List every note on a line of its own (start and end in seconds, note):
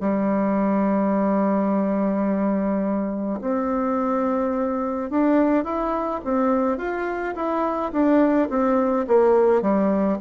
0.00 3.40 G3
3.41 5.10 C4
5.10 5.64 D4
5.64 6.21 E4
6.24 6.78 C4
6.78 7.34 F4
7.35 7.92 E4
7.92 8.49 D4
8.50 9.06 C4
9.07 9.62 A#3
9.62 10.18 G3